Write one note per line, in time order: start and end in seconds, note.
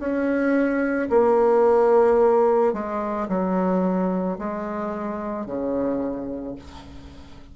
0.00 1.09 C#4
1.10 2.73 A#3
2.73 3.28 G#3
3.29 4.38 F#3
4.38 5.46 G#3
5.46 6.56 C#3